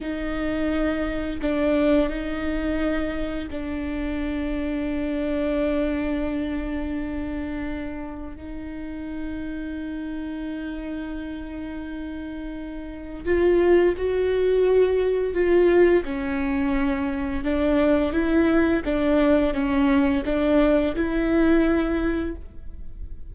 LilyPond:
\new Staff \with { instrumentName = "viola" } { \time 4/4 \tempo 4 = 86 dis'2 d'4 dis'4~ | dis'4 d'2.~ | d'1 | dis'1~ |
dis'2. f'4 | fis'2 f'4 cis'4~ | cis'4 d'4 e'4 d'4 | cis'4 d'4 e'2 | }